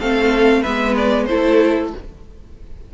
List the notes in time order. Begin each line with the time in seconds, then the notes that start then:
0.00 A3 C4 A4 F5
0.62 G#3 B3 B4 E5
0.97 D5
1.26 A3 E4 A4 C5